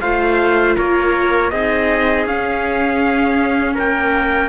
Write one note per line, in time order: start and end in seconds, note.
0.00 0.76 A3
0.00 1.53 F4
0.00 0.76 C5
0.00 0.75 F5
0.76 1.51 A#3
0.76 1.51 A#4
0.76 1.50 C#5
1.50 2.25 C4
1.50 2.27 D#4
1.50 3.74 G#4
1.50 2.25 D#5
2.25 3.75 C#4
2.25 4.48 C#4
2.25 3.76 F5
3.74 4.48 A#3
3.74 4.48 A#4
3.74 4.48 G5